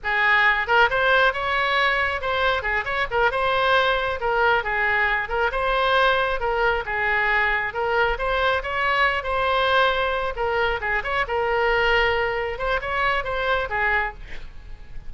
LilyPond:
\new Staff \with { instrumentName = "oboe" } { \time 4/4 \tempo 4 = 136 gis'4. ais'8 c''4 cis''4~ | cis''4 c''4 gis'8 cis''8 ais'8 c''8~ | c''4. ais'4 gis'4. | ais'8 c''2 ais'4 gis'8~ |
gis'4. ais'4 c''4 cis''8~ | cis''4 c''2~ c''8 ais'8~ | ais'8 gis'8 cis''8 ais'2~ ais'8~ | ais'8 c''8 cis''4 c''4 gis'4 | }